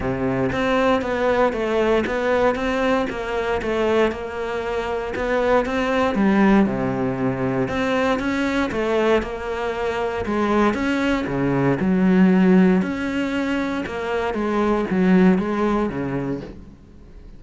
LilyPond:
\new Staff \with { instrumentName = "cello" } { \time 4/4 \tempo 4 = 117 c4 c'4 b4 a4 | b4 c'4 ais4 a4 | ais2 b4 c'4 | g4 c2 c'4 |
cis'4 a4 ais2 | gis4 cis'4 cis4 fis4~ | fis4 cis'2 ais4 | gis4 fis4 gis4 cis4 | }